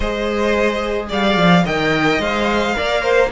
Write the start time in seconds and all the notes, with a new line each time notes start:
0.00 G#3 G#4 C5 D#5
1.08 G3 D5 F5
1.36 F3
1.65 D#3 A#4 D#5 G5
2.19 G#3 C5 F5
2.74 A#3 A#4 D5
3.01 C5